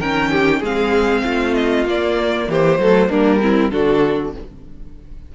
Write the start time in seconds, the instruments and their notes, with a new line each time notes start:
0.00 cello D#3, viola C#4, violin A#4 G5
0.31 violin G4
0.60 cello G#3, viola C4, violin G#4 F5
1.24 cello A3, violin F4
1.55 violin D#5
1.86 cello A#3, viola A#3, violin D5
2.48 cello E3, violin G4 C5
2.79 cello F#3, viola A3, violin A4
3.09 cello G3, viola A#3, violin D4 A#4
3.42 viola C4, violin E4
3.71 cello D3, viola D4, violin F#4 A4